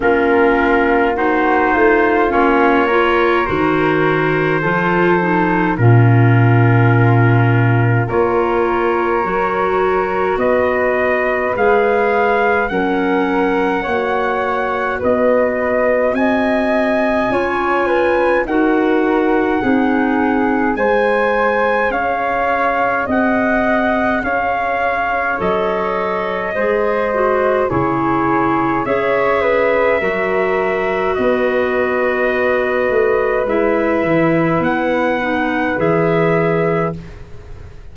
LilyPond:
<<
  \new Staff \with { instrumentName = "trumpet" } { \time 4/4 \tempo 4 = 52 ais'4 c''4 cis''4 c''4~ | c''4 ais'2 cis''4~ | cis''4 dis''4 f''4 fis''4~ | fis''4 dis''4 gis''2 |
fis''2 gis''4 f''4 | fis''4 f''4 dis''2 | cis''4 e''2 dis''4~ | dis''4 e''4 fis''4 e''4 | }
  \new Staff \with { instrumentName = "flute" } { \time 4/4 f'4 fis'8 f'4 ais'4. | a'4 f'2 ais'4~ | ais'4 b'2 ais'4 | cis''4 b'4 dis''4 cis''8 b'8 |
ais'4 gis'4 c''4 cis''4 | dis''4 cis''2 c''4 | gis'4 cis''8 b'8 ais'4 b'4~ | b'1 | }
  \new Staff \with { instrumentName = "clarinet" } { \time 4/4 cis'4 dis'4 cis'8 f'8 fis'4 | f'8 dis'8 cis'2 f'4 | fis'2 gis'4 cis'4 | fis'2. f'4 |
fis'4 dis'4 gis'2~ | gis'2 a'4 gis'8 fis'8 | e'4 gis'4 fis'2~ | fis'4 e'4. dis'8 gis'4 | }
  \new Staff \with { instrumentName = "tuba" } { \time 4/4 ais4. a8 ais4 dis4 | f4 ais,2 ais4 | fis4 b4 gis4 fis4 | ais4 b4 c'4 cis'4 |
dis'4 c'4 gis4 cis'4 | c'4 cis'4 fis4 gis4 | cis4 cis'4 fis4 b4~ | b8 a8 gis8 e8 b4 e4 | }
>>